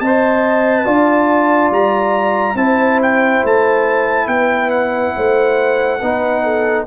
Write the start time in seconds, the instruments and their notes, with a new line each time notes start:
0.00 tuba C4, trombone C5, horn D#5, trumpet A5
0.85 tuba D4, trombone F4, horn D5
1.71 tuba G3, trumpet A#5
2.54 tuba C4, trombone E4, horn C5, trumpet A5
3.02 trumpet G5
3.44 tuba A3, trumpet A5
4.27 tuba B3, horn B4, trumpet G5
4.70 trumpet F#5
5.16 tuba A3, horn C5
6.01 tuba B3, trombone D#4, horn B4
6.43 horn A4